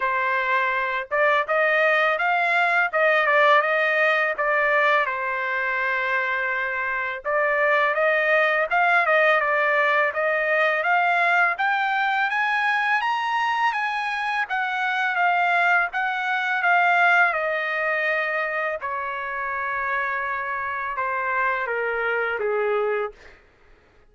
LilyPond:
\new Staff \with { instrumentName = "trumpet" } { \time 4/4 \tempo 4 = 83 c''4. d''8 dis''4 f''4 | dis''8 d''8 dis''4 d''4 c''4~ | c''2 d''4 dis''4 | f''8 dis''8 d''4 dis''4 f''4 |
g''4 gis''4 ais''4 gis''4 | fis''4 f''4 fis''4 f''4 | dis''2 cis''2~ | cis''4 c''4 ais'4 gis'4 | }